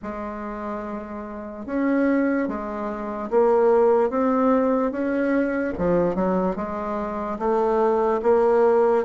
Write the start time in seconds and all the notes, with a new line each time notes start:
0.02 G#3
1.66 C#4
2.48 G#3
3.30 A#3
4.10 C4
4.91 C#4
5.78 F3
6.15 F#3
6.56 G#3
7.38 A3
8.22 A#3